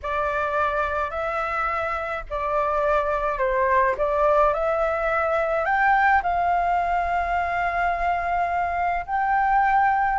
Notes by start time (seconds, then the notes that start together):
0.02 D5
1.10 E5
2.30 D5
3.38 C5
3.97 D5
4.53 E5
5.65 G5
6.22 F5
9.06 G5